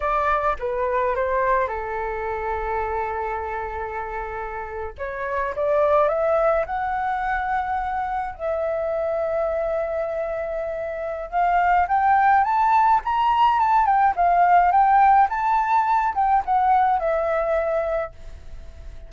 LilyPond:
\new Staff \with { instrumentName = "flute" } { \time 4/4 \tempo 4 = 106 d''4 b'4 c''4 a'4~ | a'1~ | a'8. cis''4 d''4 e''4 fis''16~ | fis''2~ fis''8. e''4~ e''16~ |
e''1 | f''4 g''4 a''4 ais''4 | a''8 g''8 f''4 g''4 a''4~ | a''8 g''8 fis''4 e''2 | }